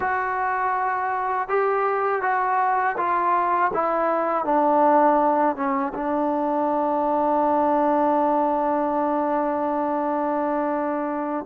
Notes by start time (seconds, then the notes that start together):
0.00 F#4
1.48 G4
2.22 F#4
2.97 F4
3.73 E4
4.44 D4
5.56 C#4
5.94 D4